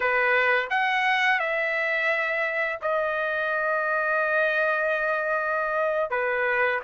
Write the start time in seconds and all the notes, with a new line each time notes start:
0.00 B4
0.70 F#5
1.39 E5
2.81 D#5
6.10 B4